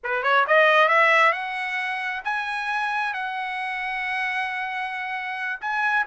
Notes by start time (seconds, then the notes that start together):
0.03 B4
0.23 C#5
0.47 D#5
0.88 E5
1.32 F#5
2.24 G#5
3.13 F#5
5.60 G#5